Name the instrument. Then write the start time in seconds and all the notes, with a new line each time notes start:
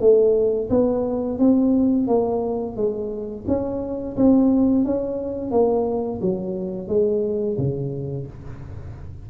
tuba
0.00 A3
0.70 B3
1.39 C4
2.08 A#3
2.76 G#3
3.47 C#4
4.17 C4
4.84 C#4
5.51 A#3
6.21 F#3
6.88 G#3
7.57 C#3